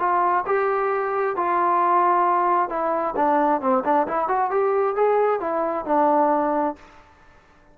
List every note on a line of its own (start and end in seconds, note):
0.00 0.45 F4
0.47 1.37 G4
1.37 2.70 F4
2.70 3.15 E4
3.17 3.62 D4
3.62 3.84 C4
3.85 4.07 D4
4.08 4.29 E4
4.29 4.51 F#4
4.51 4.96 G4
4.96 5.41 G#4
5.41 5.86 E4
5.86 6.76 D4